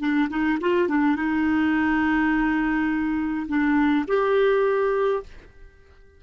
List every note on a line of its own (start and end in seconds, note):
0.00 0.29 D4
0.30 0.59 D#4
0.61 0.89 F4
0.89 1.16 D4
1.16 3.47 D#4
3.48 4.06 D4
4.08 5.23 G4